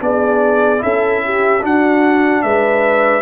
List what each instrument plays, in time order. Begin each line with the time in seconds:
0.00 tuba B3, trombone D4, horn G#4, trumpet D5
0.78 tuba C#4, trombone E4, horn A4, trumpet E5
1.25 horn G4
1.61 trombone D4, tuba D4, horn F#4, trumpet F#5
2.43 tuba G#3, horn B4, trumpet E5